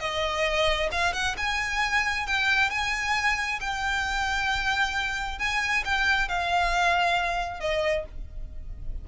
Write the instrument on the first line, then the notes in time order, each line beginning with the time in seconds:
violin
0.00 D#5
0.91 F5
1.13 F#5
1.37 G#5
2.27 G5
2.70 G#5
3.61 G5
5.39 G#5
5.85 G5
6.28 F5
7.60 D#5